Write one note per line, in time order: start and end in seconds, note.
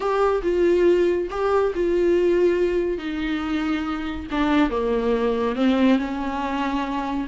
0.00 0.42 G4
0.42 1.28 F4
1.30 1.73 G4
1.75 2.98 F4
2.98 4.26 D#4
4.31 4.70 D4
4.70 5.55 A#3
5.55 5.98 C4
5.98 7.27 C#4